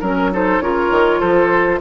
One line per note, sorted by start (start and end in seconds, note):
0.00 0.60 F#3
0.00 0.32 C#4
0.00 0.30 A#4
0.00 0.32 A#4
0.32 0.61 D#4
0.32 0.63 A4
0.32 0.61 C5
0.60 0.90 C#3
0.60 1.80 F4
0.60 1.19 A#4
0.60 1.20 C#5
0.90 1.20 D#3
1.19 1.80 F3
1.19 1.79 A4
1.19 1.80 C5